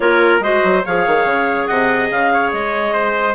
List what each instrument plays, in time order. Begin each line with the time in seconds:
0.00 bassoon A#3, clarinet F4 C#5, trumpet A#4
0.40 bassoon G#3, clarinet F#4 D#5, trumpet C5
0.64 bassoon F#3
0.85 bassoon F3, clarinet G#4 F5, trumpet C#5
1.06 bassoon D#3
1.25 bassoon C#3
1.66 bassoon C3, trumpet D#5, clarinet F#5
2.10 bassoon C#3, clarinet F5
2.33 trumpet C#5
2.51 bassoon G#3, clarinet D#5
2.93 trumpet C5